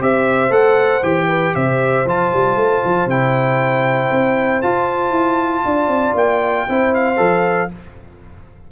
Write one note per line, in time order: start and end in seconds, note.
0.00 0.50 C4
0.00 0.50 G4
0.00 1.27 C5
0.00 0.52 E5
0.50 1.01 A3
0.50 1.01 A4
0.50 1.04 F#5
1.03 1.54 E3
1.03 2.06 G4
1.03 1.55 G5
1.27 1.53 B4
1.55 2.05 C3
1.55 5.65 C5
1.55 2.06 E5
2.05 2.31 F3
2.05 3.10 F4
2.05 3.09 A5
2.33 2.56 G3
2.56 2.81 A3
2.84 3.06 F3
3.06 4.08 C3
3.06 4.63 E4
3.06 4.62 G5
4.11 4.62 C4
4.62 6.68 F4
4.62 5.11 F4
4.62 6.15 A5
5.11 5.62 E4
5.65 5.87 D4
5.65 6.68 D5
5.87 6.13 C4
6.14 6.66 A#3
6.14 6.94 G5
6.68 7.19 C4
6.68 7.17 E4
6.68 7.71 C5
6.94 7.71 F5
7.17 7.70 F3
7.17 7.68 A4